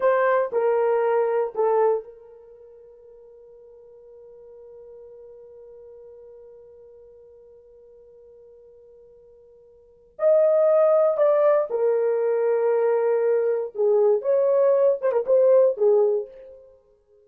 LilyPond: \new Staff \with { instrumentName = "horn" } { \time 4/4 \tempo 4 = 118 c''4 ais'2 a'4 | ais'1~ | ais'1~ | ais'1~ |
ais'1 | dis''2 d''4 ais'4~ | ais'2. gis'4 | cis''4. c''16 ais'16 c''4 gis'4 | }